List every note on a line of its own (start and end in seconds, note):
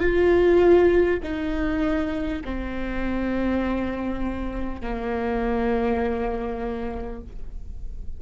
0.00 1.20 F4
1.23 2.43 D#4
2.44 4.82 C4
4.82 7.22 A#3